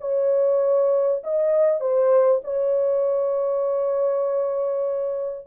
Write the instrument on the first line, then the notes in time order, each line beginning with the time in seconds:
horn
0.00 C#5
1.23 D#5
1.80 C5
2.44 C#5